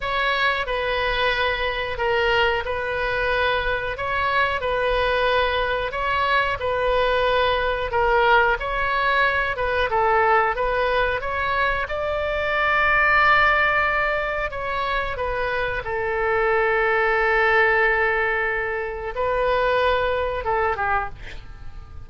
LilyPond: \new Staff \with { instrumentName = "oboe" } { \time 4/4 \tempo 4 = 91 cis''4 b'2 ais'4 | b'2 cis''4 b'4~ | b'4 cis''4 b'2 | ais'4 cis''4. b'8 a'4 |
b'4 cis''4 d''2~ | d''2 cis''4 b'4 | a'1~ | a'4 b'2 a'8 g'8 | }